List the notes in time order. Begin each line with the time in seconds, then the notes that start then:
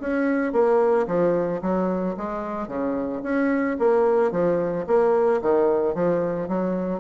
0.00 C#4
0.53 A#3
1.07 F3
1.62 F#3
2.17 G#3
2.68 C#3
3.23 C#4
3.79 A#3
4.31 F3
4.87 A#3
5.42 D#3
5.95 F3
6.48 F#3